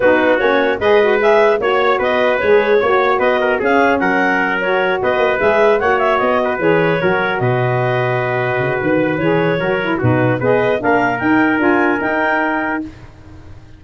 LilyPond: <<
  \new Staff \with { instrumentName = "clarinet" } { \time 4/4 \tempo 4 = 150 b'4 cis''4 dis''4 e''4 | cis''4 dis''4 cis''2 | dis''4 f''4 fis''4. cis''8~ | cis''8 dis''4 e''4 fis''8 e''8 dis''8~ |
dis''8 cis''2 dis''4.~ | dis''2 b'4 cis''4~ | cis''4 b'4 dis''4 f''4 | g''4 gis''4 g''2 | }
  \new Staff \with { instrumentName = "trumpet" } { \time 4/4 fis'2 b'2 | cis''4 b'2 cis''4 | b'8 ais'8 gis'4 ais'2~ | ais'8 b'2 cis''4. |
b'4. ais'4 b'4.~ | b'1 | ais'4 fis'4 b'4 ais'4~ | ais'1 | }
  \new Staff \with { instrumentName = "saxophone" } { \time 4/4 dis'4 cis'4 gis'8 fis'8 gis'4 | fis'2 gis'4 fis'4~ | fis'4 cis'2~ cis'8 fis'8~ | fis'4. gis'4 fis'4.~ |
fis'8 gis'4 fis'2~ fis'8~ | fis'2. gis'4 | fis'8 e'8 dis'4 gis'4 d'4 | dis'4 f'4 dis'2 | }
  \new Staff \with { instrumentName = "tuba" } { \time 4/4 b4 ais4 gis2 | ais4 b4 gis4 ais4 | b4 cis'4 fis2~ | fis8 b8 ais8 gis4 ais4 b8~ |
b8 e4 fis4 b,4.~ | b,4. cis8 dis4 e4 | fis4 b,4 b4 ais4 | dis'4 d'4 dis'2 | }
>>